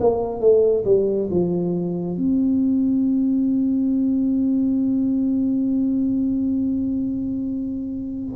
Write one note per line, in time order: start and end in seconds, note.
0.00 0.40 A#3
0.40 0.84 A3
0.85 1.29 G3
1.30 2.17 F3
2.17 8.35 C4